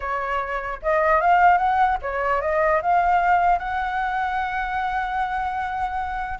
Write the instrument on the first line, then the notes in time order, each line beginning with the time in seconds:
flute
0.00 C#5
0.82 D#5
1.20 F5
1.57 F#5
2.01 C#5
2.41 D#5
2.82 F5
3.58 F#5